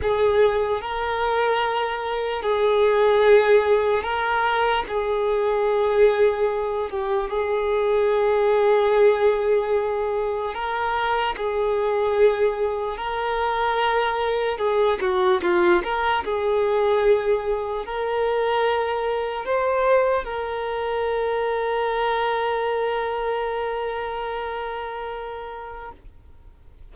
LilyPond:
\new Staff \with { instrumentName = "violin" } { \time 4/4 \tempo 4 = 74 gis'4 ais'2 gis'4~ | gis'4 ais'4 gis'2~ | gis'8 g'8 gis'2.~ | gis'4 ais'4 gis'2 |
ais'2 gis'8 fis'8 f'8 ais'8 | gis'2 ais'2 | c''4 ais'2.~ | ais'1 | }